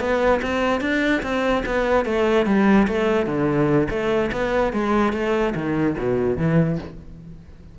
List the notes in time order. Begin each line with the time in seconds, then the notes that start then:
0.00 B3
0.42 C4
0.81 D4
1.23 C4
1.66 B3
2.05 A3
2.46 G3
2.88 A3
3.27 D3
3.90 A3
4.32 B3
4.73 G#3
5.13 A3
5.55 D#3
5.98 B2
6.37 E3